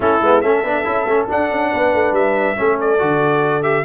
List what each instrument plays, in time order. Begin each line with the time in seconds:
0.00 tuba A3, trombone C#4, horn E4, trumpet A4
0.20 tuba G#3, trombone B3
0.41 tuba A3, trombone C#4, horn A4, trumpet E5
0.63 tuba B3, trombone D4
0.84 tuba C#4, trombone E4
1.05 tuba A3, trombone C#4
1.28 trombone D4, tuba D4, trumpet F#5
1.51 tuba C#4
1.71 tuba B3, horn B4
1.93 tuba A3
2.12 tuba G3, trumpet E5
2.56 tuba A3, trombone C#4, horn A4
2.80 trumpet D5
2.98 tuba D3, trombone F#4
3.62 trombone G4, trumpet E5